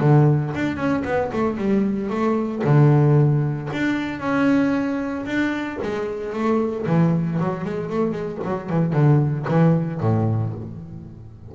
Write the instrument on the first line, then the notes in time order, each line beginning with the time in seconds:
double bass
0.00 D3
0.55 D4
0.77 C#4
1.05 B3
1.33 A3
1.57 G3
2.10 A3
2.64 D3
3.73 D4
4.20 C#4
5.26 D4
5.83 G#3
6.33 A3
6.86 E3
7.39 F#3
7.65 G#3
7.90 A3
8.12 G#3
8.44 F#3
8.69 E3
8.93 D3
9.48 E3
10.00 A2